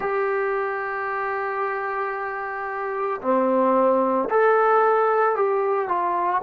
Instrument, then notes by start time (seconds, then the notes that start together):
trombone
0.00 G4
3.21 C4
4.29 A4
5.35 G4
5.88 F4